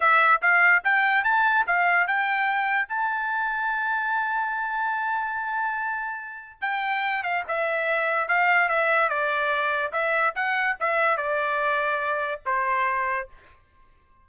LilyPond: \new Staff \with { instrumentName = "trumpet" } { \time 4/4 \tempo 4 = 145 e''4 f''4 g''4 a''4 | f''4 g''2 a''4~ | a''1~ | a''1 |
g''4. f''8 e''2 | f''4 e''4 d''2 | e''4 fis''4 e''4 d''4~ | d''2 c''2 | }